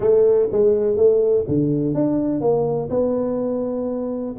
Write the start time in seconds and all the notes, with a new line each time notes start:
0.00 A3
0.51 G#3
0.96 A3
1.48 D3
1.94 D4
2.41 A#3
2.90 B3